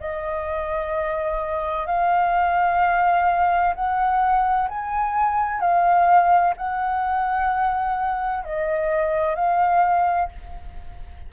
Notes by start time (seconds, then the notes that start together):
0.00 D#5
1.87 F5
3.75 F#5
4.69 G#5
5.60 F5
6.57 F#5
8.45 D#5
9.35 F5